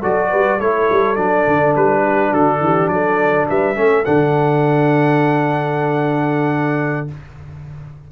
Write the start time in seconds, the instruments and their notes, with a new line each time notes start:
0.00 tuba F#3, trombone F#4, horn A4, trumpet D5
0.29 tuba G3, horn B4
0.58 tuba A3, trombone E4, horn A4, trumpet C#5
0.91 tuba G3
1.16 tuba F#3, trombone D4, trumpet D5
1.47 tuba D3
1.76 tuba G3, trumpet B4
2.04 horn G4
2.30 tuba D3, horn F#4, trumpet A4
2.60 tuba E3, horn G4
2.88 tuba F#3, horn A4, trumpet D5
3.49 tuba G3, horn B4, trumpet E5
3.76 tuba A3, trombone C#4, horn A4
4.05 tuba D3, trombone D4, trumpet F#5